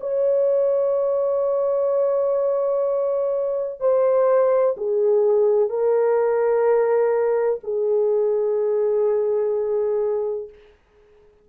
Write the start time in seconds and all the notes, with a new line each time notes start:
0.00 C#5
3.80 C5
4.77 G#4
5.69 A#4
7.63 G#4